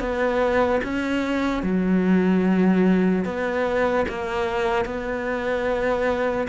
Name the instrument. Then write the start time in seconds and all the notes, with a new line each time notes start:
cello
0.00 B3
0.84 C#4
1.63 F#3
3.25 B3
4.09 A#3
4.86 B3